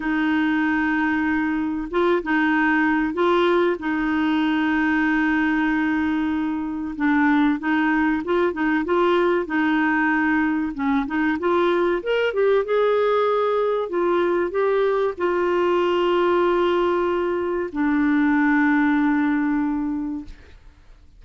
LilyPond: \new Staff \with { instrumentName = "clarinet" } { \time 4/4 \tempo 4 = 95 dis'2. f'8 dis'8~ | dis'4 f'4 dis'2~ | dis'2. d'4 | dis'4 f'8 dis'8 f'4 dis'4~ |
dis'4 cis'8 dis'8 f'4 ais'8 g'8 | gis'2 f'4 g'4 | f'1 | d'1 | }